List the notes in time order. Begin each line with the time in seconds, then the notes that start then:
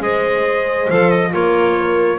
0.00 G#3 G#4 C5 D#5
0.90 F3 A4 F5
1.11 D#5
1.32 A#3 F4 A#4 C#5